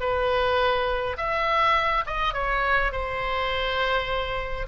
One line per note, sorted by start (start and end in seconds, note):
0.00 1.17 B4
1.17 2.04 E5
2.06 2.34 D#5
2.34 2.92 C#5
2.92 4.67 C5